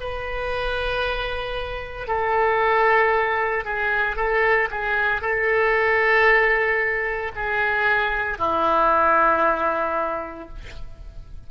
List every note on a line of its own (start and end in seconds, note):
0.00 2.07 B4
2.07 3.65 A4
3.65 4.16 G#4
4.16 4.68 A4
4.70 5.21 G#4
5.21 7.32 A4
7.35 8.38 G#4
8.38 10.49 E4